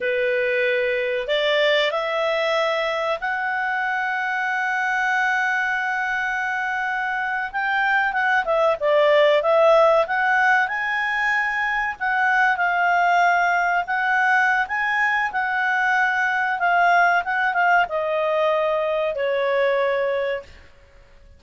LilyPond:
\new Staff \with { instrumentName = "clarinet" } { \time 4/4 \tempo 4 = 94 b'2 d''4 e''4~ | e''4 fis''2.~ | fis''2.~ fis''8. g''16~ | g''8. fis''8 e''8 d''4 e''4 fis''16~ |
fis''8. gis''2 fis''4 f''16~ | f''4.~ f''16 fis''4~ fis''16 gis''4 | fis''2 f''4 fis''8 f''8 | dis''2 cis''2 | }